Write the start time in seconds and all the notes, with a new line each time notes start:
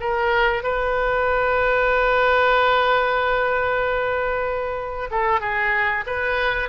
0.00 A#4
0.63 B4
5.11 A4
5.41 G#4
6.06 B4